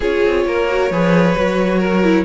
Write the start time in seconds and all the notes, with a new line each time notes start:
0.00 C#4 F4 G#4 C#5
0.25 C4
0.45 A#3 A#4
0.68 F#4
0.90 F3 G#4 B4
1.35 F#3 F#4
1.79 A#4
2.03 E4